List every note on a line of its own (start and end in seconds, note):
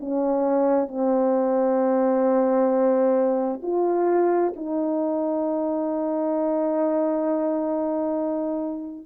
0.00 0.88 C#4
0.88 3.61 C4
3.63 4.54 F4
4.57 9.06 D#4